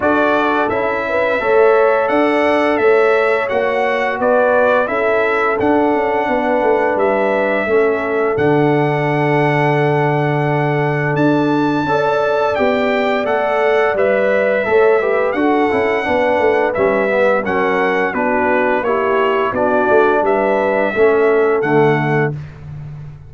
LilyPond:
<<
  \new Staff \with { instrumentName = "trumpet" } { \time 4/4 \tempo 4 = 86 d''4 e''2 fis''4 | e''4 fis''4 d''4 e''4 | fis''2 e''2 | fis''1 |
a''2 g''4 fis''4 | e''2 fis''2 | e''4 fis''4 b'4 cis''4 | d''4 e''2 fis''4 | }
  \new Staff \with { instrumentName = "horn" } { \time 4/4 a'4. b'8 cis''4 d''4 | cis''2 b'4 a'4~ | a'4 b'2 a'4~ | a'1~ |
a'4 d''2.~ | d''4 cis''8 b'8 a'4 b'4~ | b'4 ais'4 fis'4 g'4 | fis'4 b'4 a'2 | }
  \new Staff \with { instrumentName = "trombone" } { \time 4/4 fis'4 e'4 a'2~ | a'4 fis'2 e'4 | d'2. cis'4 | d'1~ |
d'4 a'4 g'4 a'4 | b'4 a'8 g'8 fis'8 e'8 d'4 | cis'8 b8 cis'4 d'4 e'4 | d'2 cis'4 a4 | }
  \new Staff \with { instrumentName = "tuba" } { \time 4/4 d'4 cis'4 a4 d'4 | a4 ais4 b4 cis'4 | d'8 cis'8 b8 a8 g4 a4 | d1 |
d'4 cis'4 b4 a4 | g4 a4 d'8 cis'8 b8 a8 | g4 fis4 b4 ais4 | b8 a8 g4 a4 d4 | }
>>